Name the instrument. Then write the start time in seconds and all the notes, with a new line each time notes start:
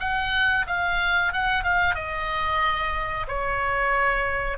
oboe
0.00 F#5
0.67 F5
1.33 F#5
1.64 F5
1.95 D#5
3.28 C#5